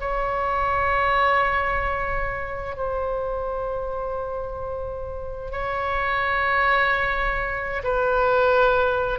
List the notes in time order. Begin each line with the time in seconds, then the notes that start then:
0.00 C#5
2.77 C5
5.52 C#5
7.84 B4